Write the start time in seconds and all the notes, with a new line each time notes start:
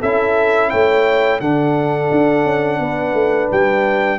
0.00 C#4 E4 A4 E5
0.70 A3 C#5 G5
1.40 D3 D4 A4 F#5
2.11 D4
2.44 C#4
2.79 B3 B4
3.14 A3
3.51 G3 G5